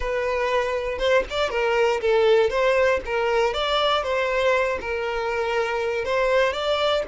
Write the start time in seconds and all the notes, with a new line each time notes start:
0.00 B4
0.98 C5
1.29 D5
1.50 A#4
2.00 A4
2.50 C5
3.05 A#4
3.53 D5
4.03 C5
4.81 A#4
6.04 C5
6.52 D5